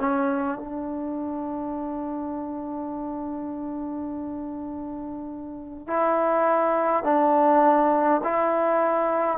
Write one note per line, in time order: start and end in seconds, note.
0.00 0.58 C#4
0.58 5.88 D4
5.88 7.04 E4
7.04 8.21 D4
8.24 9.38 E4